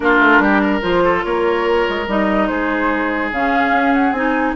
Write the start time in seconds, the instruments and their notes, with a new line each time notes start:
0.00 bassoon A#3, clarinet D4, oboe F4, flute A#4
0.19 bassoon A3
0.39 bassoon G3, oboe G4
0.61 oboe A#4
0.81 bassoon F3, clarinet F4, flute C5
1.04 oboe A4
1.24 bassoon A#3, oboe A#4, flute C#5
1.89 bassoon G#3
2.07 bassoon G3, clarinet D#4, flute D#5
2.47 bassoon G#3, oboe G#4, flute C5
3.31 bassoon C#3, clarinet C#4, flute F5
3.70 bassoon C#4
3.94 flute F#5
4.11 bassoon C4, clarinet D#4, flute G#5